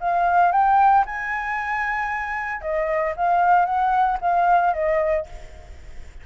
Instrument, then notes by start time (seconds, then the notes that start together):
flute
0.00 F5
0.52 G5
1.06 G#5
2.61 D#5
3.16 F5
3.65 F#5
4.21 F5
4.73 D#5